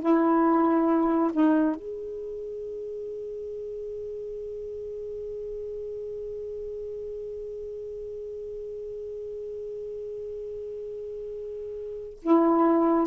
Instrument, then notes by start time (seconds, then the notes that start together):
saxophone
0.00 E4
1.33 D#4
1.75 G#4
12.22 E4